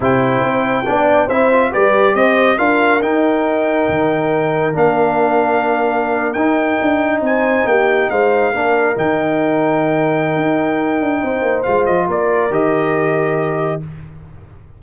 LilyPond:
<<
  \new Staff \with { instrumentName = "trumpet" } { \time 4/4 \tempo 4 = 139 g''2. e''4 | d''4 dis''4 f''4 g''4~ | g''2. f''4~ | f''2~ f''8. g''4~ g''16~ |
g''8. gis''4 g''4 f''4~ f''16~ | f''8. g''2.~ g''16~ | g''2. f''8 dis''8 | d''4 dis''2. | }
  \new Staff \with { instrumentName = "horn" } { \time 4/4 c''2 d''4 c''4 | b'4 c''4 ais'2~ | ais'1~ | ais'1~ |
ais'8. c''4 g'4 c''4 ais'16~ | ais'1~ | ais'2 c''2 | ais'1 | }
  \new Staff \with { instrumentName = "trombone" } { \time 4/4 e'2 d'4 e'8 f'8 | g'2 f'4 dis'4~ | dis'2. d'4~ | d'2~ d'8. dis'4~ dis'16~ |
dis'2.~ dis'8. d'16~ | d'8. dis'2.~ dis'16~ | dis'2. f'4~ | f'4 g'2. | }
  \new Staff \with { instrumentName = "tuba" } { \time 4/4 c4 c'4 b4 c'4 | g4 c'4 d'4 dis'4~ | dis'4 dis2 ais4~ | ais2~ ais8. dis'4 d'16~ |
d'8. c'4 ais4 gis4 ais16~ | ais8. dis2.~ dis16 | dis'4. d'8 c'8 ais8 gis8 f8 | ais4 dis2. | }
>>